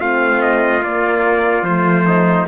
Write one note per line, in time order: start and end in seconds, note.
0.00 0.82 A3
0.00 0.82 C4
0.00 2.06 F4
0.00 0.41 F5
0.41 0.83 D#5
0.82 1.62 A#3
0.82 1.64 A#3
0.82 1.64 D5
1.62 2.45 F3
1.62 2.48 A3
1.62 2.46 C5
2.06 2.47 D#4